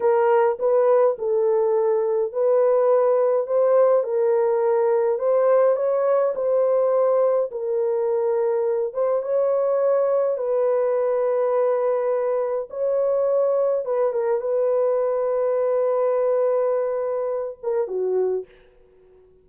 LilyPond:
\new Staff \with { instrumentName = "horn" } { \time 4/4 \tempo 4 = 104 ais'4 b'4 a'2 | b'2 c''4 ais'4~ | ais'4 c''4 cis''4 c''4~ | c''4 ais'2~ ais'8 c''8 |
cis''2 b'2~ | b'2 cis''2 | b'8 ais'8 b'2.~ | b'2~ b'8 ais'8 fis'4 | }